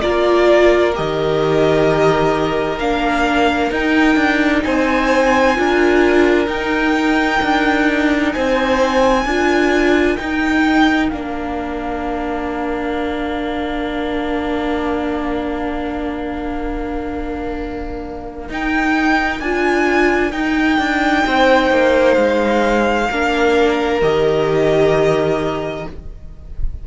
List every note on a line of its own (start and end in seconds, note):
0.00 0.98 A#3
0.00 0.93 F4
0.00 4.63 A#4
0.00 0.92 D5
0.94 2.78 D#3
0.94 2.78 G4
0.94 2.79 D#5
2.78 3.71 A#3
2.78 3.71 D4
2.78 3.71 F5
3.71 4.15 D#4
3.71 5.55 D#4
3.71 4.63 G5
4.15 4.62 D4
4.63 5.58 C4
4.63 5.57 C5
4.63 6.48 G#5
5.55 6.47 D4
5.55 6.46 F4
5.55 8.34 A#4
6.46 9.23 D#4
6.46 7.39 D#4
6.46 8.32 G5
7.42 8.34 D4
8.32 9.25 C4
8.32 9.25 C5
8.32 10.16 G#5
9.25 10.17 D4
9.25 10.18 F4
9.25 21.25 A#4
10.16 11.11 D#4
10.16 11.12 D#4
10.16 11.08 G5
11.08 18.49 A#3
11.08 18.49 D4
11.08 18.47 F5
18.49 19.40 D#4
18.49 19.42 D#4
18.49 19.40 G5
19.40 20.32 D4
19.40 20.32 F4
19.40 20.31 G#5
20.31 20.78 D#4
20.31 23.08 D#4
20.31 22.14 G5
20.78 21.24 D4
21.26 21.70 C4
21.26 23.10 C5
21.70 22.16 A#3
22.14 23.08 G#3
22.14 23.98 F5
23.10 24.01 A#3
23.10 24.01 D4
23.10 25.87 A#4
24.01 25.86 D#3
24.01 25.86 G4
24.01 25.87 D#5